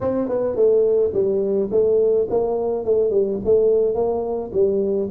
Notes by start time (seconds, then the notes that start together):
0.01 C4
0.28 B3
0.55 A3
1.13 G3
1.71 A3
2.30 A#3
2.85 A3
3.10 G3
3.44 A3
3.94 A#3
4.53 G3